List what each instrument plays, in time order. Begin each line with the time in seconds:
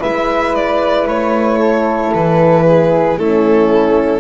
0.00 double bass G#3, horn E4, flute B4, violin E5
0.55 violin D5
1.07 double bass A3, violin C#5
1.59 flute A4
2.14 double bass E3, violin B4
2.65 flute G#4
3.17 double bass A3, horn C#4, flute E4, violin A4